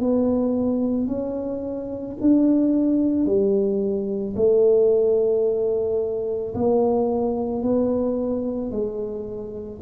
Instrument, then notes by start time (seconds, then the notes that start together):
tuba
0.00 B3
1.08 C#4
2.21 D4
3.26 G3
4.36 A3
6.55 A#3
7.63 B3
8.72 G#3